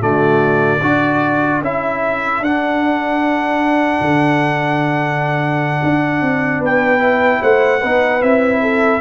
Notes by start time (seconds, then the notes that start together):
0.00 D3 A3 F#4 D5
0.81 D4 F#4 A4
1.61 C#4 E4 E5
2.41 D4 F#5
4.01 D3
5.83 D4
6.22 C4
6.60 B3 B4 G5
6.99 E4
7.42 A3 C5 F#5
7.80 B3 D#4 B4
8.20 C4 E4 E5
8.61 A4